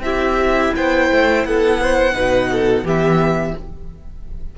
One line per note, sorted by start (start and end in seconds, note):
0.00 0.71 C4
0.00 2.13 E4
0.00 0.75 G4
0.00 0.73 E5
0.76 1.11 B3
0.76 1.47 C5
0.76 1.45 G5
1.11 1.44 A3
1.44 2.15 B3
1.44 1.81 A4
1.44 2.86 F#5
1.81 2.14 C5
2.13 2.83 B2
2.13 2.84 D#4
2.13 2.50 B4
2.52 2.85 A4
2.83 3.54 E3
2.83 3.56 B3
2.83 3.55 G4
2.83 3.58 E5